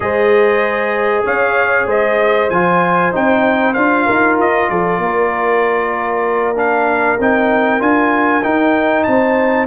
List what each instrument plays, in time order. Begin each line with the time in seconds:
0.00 tuba G#3, trombone G#4, horn C5, trumpet D#5
1.24 tuba C#4, horn C#5, trumpet F5
1.86 tuba G#3, horn C5, trumpet D#5
2.50 tuba F3, trombone F4, trumpet G#5
3.12 tuba C4, trombone D#4, trumpet G5
3.73 tuba D4, trombone F4, trumpet F5
4.06 tuba D#4, horn A#4
4.38 tuba F4, trumpet D#5
4.69 tuba F3, horn A4, trumpet D5
4.98 tuba A#3, horn A#4
6.55 trombone D4, trumpet F5
7.19 tuba C4, trombone D#4, trumpet G5
7.79 tuba D4, trombone F4, trumpet G#5
8.43 trombone D#4, tuba D#4, trumpet G5
9.03 tuba C4, horn C5, trumpet A5